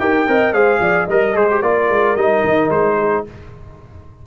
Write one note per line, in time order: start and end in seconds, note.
0.00 0.27 D#4
0.00 0.28 G4
0.00 0.28 A#4
0.00 0.54 G5
0.28 0.53 C4
0.28 0.54 A#4
0.28 0.54 D#5
0.53 0.80 G#3
0.53 1.08 G#4
0.53 0.81 C5
0.53 1.08 F5
0.81 1.08 F3
0.81 1.06 D5
1.06 1.35 G3
1.06 1.34 A#4
1.06 1.60 D#5
1.06 1.37 D#5
1.34 1.62 G#3
1.34 1.48 G#4
1.34 1.62 C5
1.51 1.64 G4
1.62 1.90 A#3
1.62 2.18 F4
1.62 2.97 A#4
1.62 2.16 D5
1.90 2.16 G#3
2.16 2.43 G3
2.16 3.27 D#4
2.16 2.70 D#5
2.44 2.70 D#3
2.70 3.24 G#3
2.70 3.25 C5
2.99 3.26 G#4